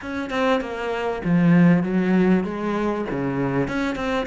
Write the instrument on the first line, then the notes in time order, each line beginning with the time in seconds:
cello
0.01 C#4
0.29 C4
0.60 A#3
1.24 F3
1.83 F#3
2.44 G#3
3.10 C#3
3.68 C#4
3.95 C4